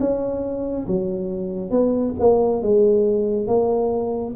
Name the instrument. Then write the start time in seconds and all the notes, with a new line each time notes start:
tuba
0.00 C#4
0.87 F#3
1.71 B3
2.19 A#3
2.62 G#3
3.47 A#3